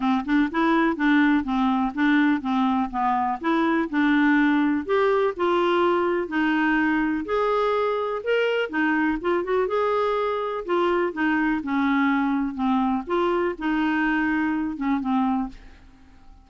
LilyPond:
\new Staff \with { instrumentName = "clarinet" } { \time 4/4 \tempo 4 = 124 c'8 d'8 e'4 d'4 c'4 | d'4 c'4 b4 e'4 | d'2 g'4 f'4~ | f'4 dis'2 gis'4~ |
gis'4 ais'4 dis'4 f'8 fis'8 | gis'2 f'4 dis'4 | cis'2 c'4 f'4 | dis'2~ dis'8 cis'8 c'4 | }